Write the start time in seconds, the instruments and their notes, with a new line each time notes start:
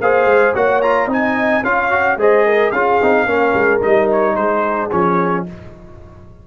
0.00 tuba A#3, trombone G#4, horn C5, trumpet F5
0.25 tuba G#3
0.55 tuba A#3, trombone F#4, horn C#5, trumpet F#5
0.81 trombone F4, trumpet A#5
1.06 tuba C4, trombone D#4, horn D#5, trumpet G#5
1.62 tuba C#4, trombone F4, horn C#5, trumpet F5
1.91 trombone F#4
2.16 tuba G#3, trombone G#4, horn C5, trumpet D#5
2.46 horn A#4
2.71 tuba C#4, trombone F4, horn G#4, trumpet F5
3.02 tuba C4, trombone D#4
3.25 tuba A#3, trombone C#4, horn A#4
3.54 tuba G#3
3.81 tuba G3, trombone D#4, trumpet D#5
4.11 trumpet C#5
4.35 tuba G#3, horn G#4, trumpet C5
4.90 tuba F3, trombone C#4, trumpet C#5